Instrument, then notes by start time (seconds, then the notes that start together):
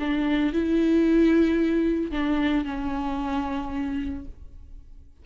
viola
0.00 D4
0.53 E4
2.12 D4
2.65 C#4